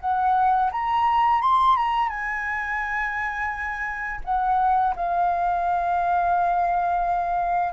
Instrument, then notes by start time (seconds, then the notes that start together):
flute
0.00 F#5
0.72 A#5
1.41 C6
1.76 A#5
2.08 G#5
4.24 F#5
4.95 F5